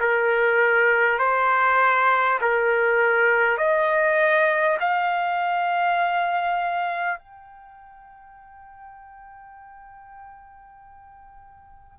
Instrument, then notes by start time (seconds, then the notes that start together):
trumpet
0.00 A#4
1.19 C5
2.41 A#4
3.57 D#5
4.80 F5
7.19 G5